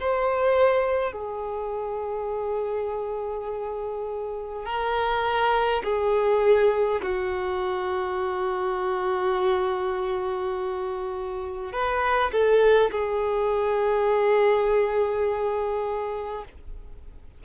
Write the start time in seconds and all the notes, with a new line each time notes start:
0.00 C5
1.13 G#4
4.65 A#4
5.84 G#4
7.02 F#4
11.73 B4
12.32 A4
12.91 G#4